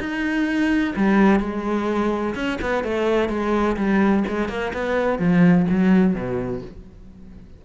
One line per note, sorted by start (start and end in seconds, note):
0.00 0.94 D#4
0.96 1.40 G3
1.40 2.35 G#3
2.35 2.59 C#4
2.62 2.84 B3
2.84 3.29 A3
3.29 3.76 G#3
3.77 4.24 G3
4.28 4.49 G#3
4.49 4.72 A#3
4.74 5.19 B3
5.19 5.66 F3
5.70 6.15 F#3
6.15 6.62 B2